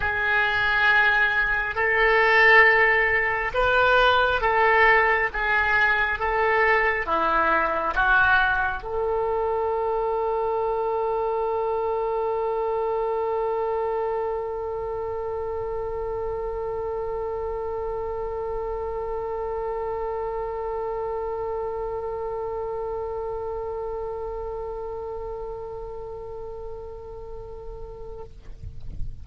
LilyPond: \new Staff \with { instrumentName = "oboe" } { \time 4/4 \tempo 4 = 68 gis'2 a'2 | b'4 a'4 gis'4 a'4 | e'4 fis'4 a'2~ | a'1~ |
a'1~ | a'1~ | a'1~ | a'1 | }